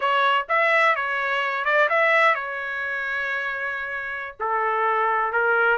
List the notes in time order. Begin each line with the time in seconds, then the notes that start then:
0.00 C#5
0.48 E5
0.95 C#5
1.64 D5
1.89 E5
2.35 C#5
4.39 A4
5.32 A#4